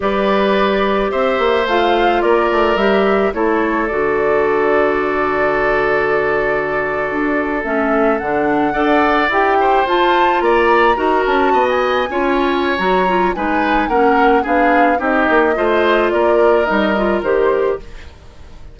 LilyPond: <<
  \new Staff \with { instrumentName = "flute" } { \time 4/4 \tempo 4 = 108 d''2 e''4 f''4 | d''4 e''4 cis''4 d''4~ | d''1~ | d''4.~ d''16 e''4 fis''4~ fis''16~ |
fis''8. g''4 a''4 ais''4~ ais''16~ | ais''16 a''8. gis''2 ais''4 | gis''4 fis''4 f''4 dis''4~ | dis''4 d''4 dis''4 c''4 | }
  \new Staff \with { instrumentName = "oboe" } { \time 4/4 b'2 c''2 | ais'2 a'2~ | a'1~ | a'2.~ a'8. d''16~ |
d''4~ d''16 c''4. d''4 ais'16~ | ais'8. dis''4 cis''2~ cis''16 | b'4 ais'4 gis'4 g'4 | c''4 ais'2. | }
  \new Staff \with { instrumentName = "clarinet" } { \time 4/4 g'2. f'4~ | f'4 g'4 e'4 fis'4~ | fis'1~ | fis'4.~ fis'16 cis'4 d'4 a'16~ |
a'8. g'4 f'2 fis'16~ | fis'4.~ fis'16 f'4~ f'16 fis'8 f'8 | dis'4 cis'4 d'4 dis'4 | f'2 dis'8 f'8 g'4 | }
  \new Staff \with { instrumentName = "bassoon" } { \time 4/4 g2 c'8 ais8 a4 | ais8 a8 g4 a4 d4~ | d1~ | d8. d'4 a4 d4 d'16~ |
d'8. e'4 f'4 ais4 dis'16~ | dis'16 cis'8 b4 cis'4~ cis'16 fis4 | gis4 ais4 b4 c'8 ais8 | a4 ais4 g4 dis4 | }
>>